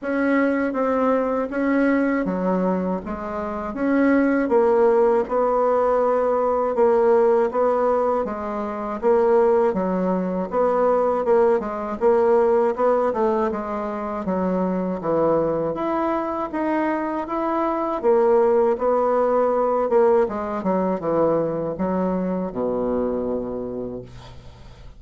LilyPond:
\new Staff \with { instrumentName = "bassoon" } { \time 4/4 \tempo 4 = 80 cis'4 c'4 cis'4 fis4 | gis4 cis'4 ais4 b4~ | b4 ais4 b4 gis4 | ais4 fis4 b4 ais8 gis8 |
ais4 b8 a8 gis4 fis4 | e4 e'4 dis'4 e'4 | ais4 b4. ais8 gis8 fis8 | e4 fis4 b,2 | }